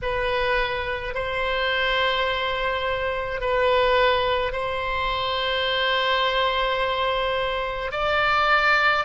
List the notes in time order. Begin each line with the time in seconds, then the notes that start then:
0.02 B4
1.14 C5
3.40 B4
4.52 C5
7.91 D5